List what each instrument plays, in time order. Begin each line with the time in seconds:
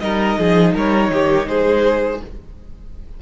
0.00 cello G3, viola D#4, violin A#4 D#5
0.39 cello F3, violin G#4
0.75 cello G3, violin A#4 C#5
1.11 cello D#3, violin G4
1.48 cello G#3, violin G#4 C5